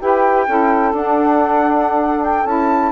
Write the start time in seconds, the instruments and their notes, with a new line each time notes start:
0.00 bassoon E4, saxophone G4 B4, flute G5
0.48 bassoon C#4, saxophone E4 A4
0.93 bassoon D4, saxophone D4, flute F#5
2.25 flute G5
2.45 bassoon C#4, saxophone E4, flute A5